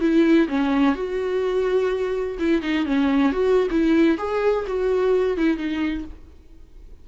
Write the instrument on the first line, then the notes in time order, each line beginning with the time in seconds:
viola
0.00 E4
0.48 C#4
0.95 F#4
2.39 E4
2.61 D#4
2.85 C#4
3.32 F#4
3.70 E4
4.18 G#4
4.67 F#4
5.37 E4
5.57 D#4